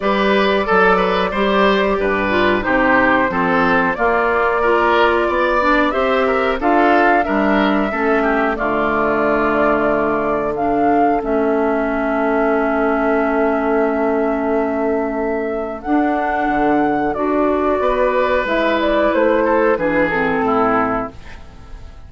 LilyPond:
<<
  \new Staff \with { instrumentName = "flute" } { \time 4/4 \tempo 4 = 91 d''1 | c''2 d''2~ | d''4 e''4 f''4 e''4~ | e''4 d''2. |
f''4 e''2.~ | e''1 | fis''2 d''2 | e''8 d''8 c''4 b'8 a'4. | }
  \new Staff \with { instrumentName = "oboe" } { \time 4/4 b'4 a'8 b'8 c''4 b'4 | g'4 a'4 f'4 ais'4 | d''4 c''8 ais'8 a'4 ais'4 | a'8 g'8 f'2. |
a'1~ | a'1~ | a'2. b'4~ | b'4. a'8 gis'4 e'4 | }
  \new Staff \with { instrumentName = "clarinet" } { \time 4/4 g'4 a'4 g'4. f'8 | dis'4 c'4 ais4 f'4~ | f'8 d'8 g'4 f'4 d'4 | cis'4 a2. |
d'4 cis'2.~ | cis'1 | d'2 fis'2 | e'2 d'8 c'4. | }
  \new Staff \with { instrumentName = "bassoon" } { \time 4/4 g4 fis4 g4 g,4 | c4 f4 ais2 | b4 c'4 d'4 g4 | a4 d2.~ |
d4 a2.~ | a1 | d'4 d4 d'4 b4 | gis4 a4 e4 a,4 | }
>>